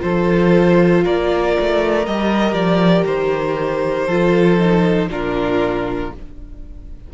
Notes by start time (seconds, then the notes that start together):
0.00 F3 F4 A4 C5
1.04 A#3 A#4 D5
1.59 A3
2.06 G3 G4 D#5
2.53 F3 D5
3.06 D#3 C5
4.07 F3 F4 A4
4.59 D#4
5.09 A#2 D4 F4 A#4